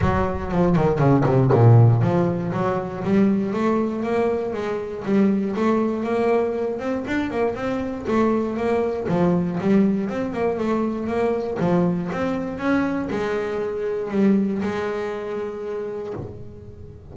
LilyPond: \new Staff \with { instrumentName = "double bass" } { \time 4/4 \tempo 4 = 119 fis4 f8 dis8 cis8 c8 ais,4 | f4 fis4 g4 a4 | ais4 gis4 g4 a4 | ais4. c'8 d'8 ais8 c'4 |
a4 ais4 f4 g4 | c'8 ais8 a4 ais4 f4 | c'4 cis'4 gis2 | g4 gis2. | }